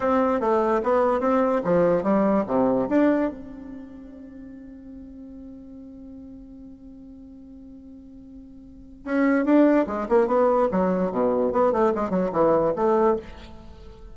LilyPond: \new Staff \with { instrumentName = "bassoon" } { \time 4/4 \tempo 4 = 146 c'4 a4 b4 c'4 | f4 g4 c4 d'4 | c'1~ | c'1~ |
c'1~ | c'2 cis'4 d'4 | gis8 ais8 b4 fis4 b,4 | b8 a8 gis8 fis8 e4 a4 | }